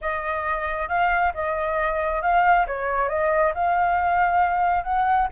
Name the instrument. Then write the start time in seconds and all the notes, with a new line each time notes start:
flute
0.01 D#5
0.88 F5
1.34 D#5
2.21 F5
2.67 C#5
3.08 D#5
3.54 F5
4.83 F#5